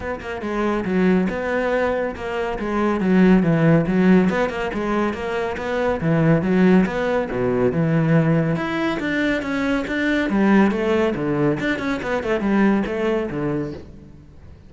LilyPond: \new Staff \with { instrumentName = "cello" } { \time 4/4 \tempo 4 = 140 b8 ais8 gis4 fis4 b4~ | b4 ais4 gis4 fis4 | e4 fis4 b8 ais8 gis4 | ais4 b4 e4 fis4 |
b4 b,4 e2 | e'4 d'4 cis'4 d'4 | g4 a4 d4 d'8 cis'8 | b8 a8 g4 a4 d4 | }